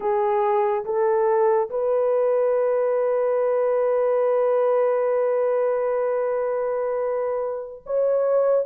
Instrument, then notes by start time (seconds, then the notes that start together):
horn
0.00 G#4
0.85 A4
1.70 B4
7.86 C#5